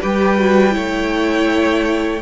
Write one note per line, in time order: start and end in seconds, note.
0.00 0.76 G3
0.00 0.37 G4
0.00 0.74 B4
0.00 2.22 G5
0.37 0.71 F#4
0.71 2.22 A3
0.71 2.19 E4
0.71 2.22 C#5